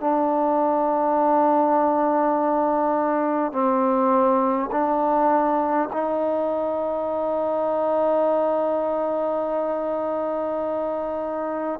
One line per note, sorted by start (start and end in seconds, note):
0.00 3.52 D4
3.52 4.70 C4
4.72 5.89 D4
5.93 11.80 D#4